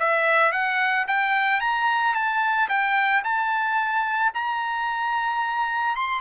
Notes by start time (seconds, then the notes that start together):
0.00 E5
0.52 F#5
1.08 G5
1.61 A#5
2.15 A5
2.69 G5
3.25 A5
4.34 A#5
5.96 C6